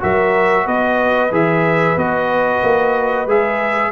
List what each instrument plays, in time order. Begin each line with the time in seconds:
0.00 tuba F#3, trombone F#4, horn A#4, trumpet E5
0.65 tuba B3, horn B4, trumpet D#5
1.32 tuba E3, trombone G#4, trumpet E5
1.97 tuba B3, trombone F#4, trumpet D#5
2.63 tuba A#3
3.26 tuba G#3, trombone G#4, trumpet E5